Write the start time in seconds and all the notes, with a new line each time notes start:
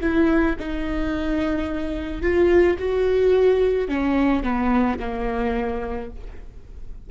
0.00 E4
0.59 D#4
2.22 F4
2.79 F#4
3.88 C#4
4.43 B3
4.99 A#3